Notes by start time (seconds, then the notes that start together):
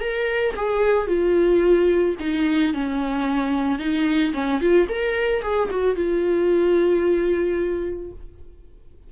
0.00 A#4
0.56 G#4
1.07 F4
2.19 D#4
2.73 C#4
3.78 D#4
4.33 C#4
4.60 F4
4.89 A#4
5.42 G#4
5.70 F#4
5.96 F4